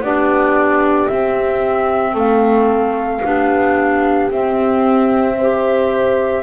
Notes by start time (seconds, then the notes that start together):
0.00 B3 D4 G4 D5
1.08 C4 E5
2.13 A3 A4 F5
3.24 B3 D4 G4
4.31 C4 E5
5.37 G4 C5